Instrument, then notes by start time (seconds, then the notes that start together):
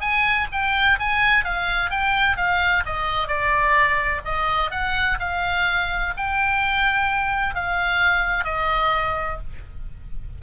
oboe
0.00 G#5
0.52 G5
0.99 G#5
1.44 F5
1.90 G5
2.36 F5
2.85 D#5
3.27 D5
4.24 D#5
4.71 F#5
5.19 F5
6.17 G5
7.54 F5
8.44 D#5